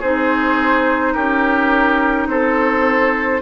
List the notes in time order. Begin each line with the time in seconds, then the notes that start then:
0.00 C4 D#4 G#4 C5
1.13 C#4 G4 A#4
2.28 C4 A4 C5